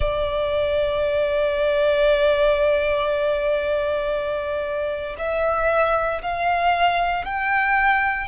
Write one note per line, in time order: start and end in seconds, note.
0.00 5.15 D5
5.18 6.21 E5
6.22 7.25 F5
7.25 8.27 G5